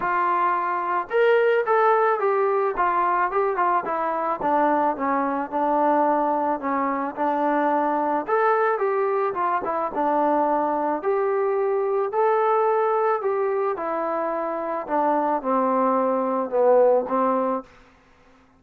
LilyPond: \new Staff \with { instrumentName = "trombone" } { \time 4/4 \tempo 4 = 109 f'2 ais'4 a'4 | g'4 f'4 g'8 f'8 e'4 | d'4 cis'4 d'2 | cis'4 d'2 a'4 |
g'4 f'8 e'8 d'2 | g'2 a'2 | g'4 e'2 d'4 | c'2 b4 c'4 | }